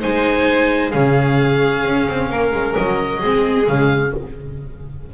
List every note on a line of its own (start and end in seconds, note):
0.00 0.94 G#3
0.00 0.91 D#4
0.00 0.92 C5
0.00 0.91 G#5
0.91 1.84 C#3
0.91 3.20 C#4
0.91 2.29 G#4
0.91 2.74 F5
1.84 2.07 C#4
2.08 2.29 C4
2.29 2.52 A#3
2.29 3.20 A#4
2.52 2.75 G#3
2.75 3.23 F#3
2.75 3.67 D#5
3.20 3.68 G#3
3.20 3.64 C4
3.20 4.11 G#4
3.64 4.13 C#3
3.64 4.10 G#3
3.64 4.12 F5